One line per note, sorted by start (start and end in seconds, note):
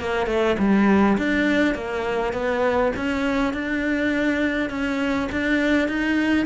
0.00 0.27 A#3
0.27 0.56 A3
0.59 1.17 G3
1.18 1.74 D4
1.74 2.33 A#3
2.33 2.92 B3
2.96 3.53 C#4
3.53 4.70 D4
4.70 5.28 C#4
5.32 5.88 D4
5.88 6.46 D#4